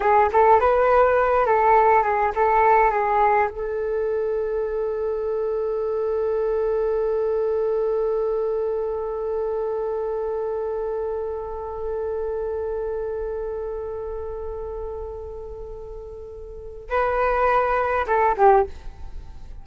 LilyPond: \new Staff \with { instrumentName = "flute" } { \time 4/4 \tempo 4 = 103 gis'8 a'8 b'4. a'4 gis'8 | a'4 gis'4 a'2~ | a'1~ | a'1~ |
a'1~ | a'1~ | a'1~ | a'4 b'2 a'8 g'8 | }